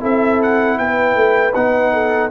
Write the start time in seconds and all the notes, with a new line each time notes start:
0.00 C4 E4 A4 E5
0.43 F#5
0.78 B3 B4 G5
1.15 A3
1.54 B3 D#4 F#5
1.93 A4